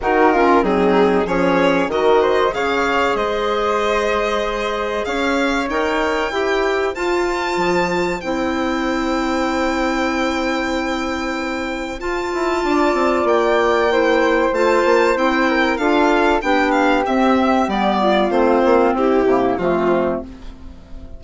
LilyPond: <<
  \new Staff \with { instrumentName = "violin" } { \time 4/4 \tempo 4 = 95 ais'4 gis'4 cis''4 dis''4 | f''4 dis''2. | f''4 g''2 a''4~ | a''4 g''2.~ |
g''2. a''4~ | a''4 g''2 a''4 | g''4 f''4 g''8 f''8 e''4 | d''4 c''4 g'4 f'4 | }
  \new Staff \with { instrumentName = "flute" } { \time 4/4 fis'8 f'8 dis'4 gis'4 ais'8 c''8 | cis''4 c''2. | cis''2 c''2~ | c''1~ |
c''1 | d''2 c''2~ | c''8 ais'8 a'4 g'2~ | g'8 f'4. e'4 c'4 | }
  \new Staff \with { instrumentName = "clarinet" } { \time 4/4 dis'8 cis'8 c'4 cis'4 fis'4 | gis'1~ | gis'4 ais'4 g'4 f'4~ | f'4 e'2.~ |
e'2. f'4~ | f'2 e'4 f'4 | e'4 f'4 d'4 c'4 | b4 c'4. ais8 a4 | }
  \new Staff \with { instrumentName = "bassoon" } { \time 4/4 dis4 fis4 f4 dis4 | cis4 gis2. | cis'4 dis'4 e'4 f'4 | f4 c'2.~ |
c'2. f'8 e'8 | d'8 c'8 ais2 a8 ais8 | c'4 d'4 b4 c'4 | g4 a8 ais8 c'8 c8 f4 | }
>>